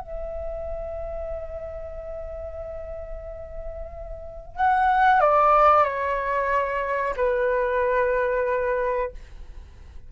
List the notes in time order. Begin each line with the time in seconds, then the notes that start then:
0.00 E5
4.57 F#5
5.21 D5
5.84 C#5
7.17 B4